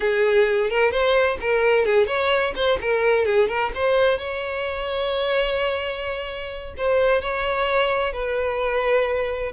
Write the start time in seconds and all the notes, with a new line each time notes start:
0.00 G#4
0.70 A#4
0.91 C5
1.40 A#4
1.85 G#4
2.06 C#5
2.55 C5
2.81 A#4
3.25 G#4
3.48 A#4
3.74 C5
4.18 C#5
6.77 C5
7.21 C#5
8.12 B4